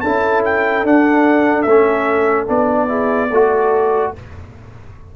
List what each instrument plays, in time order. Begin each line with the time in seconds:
0.00 tuba C#4, trombone E4, horn A4, trumpet A5
0.44 trumpet G5
0.84 tuba D4, trombone D4, trumpet F#5
1.62 tuba A3, trombone C#4, trumpet E5
2.46 tuba B3, trombone D4, trumpet D5
2.87 trombone E4, horn G#4
3.30 tuba A3, trombone F#4, horn A4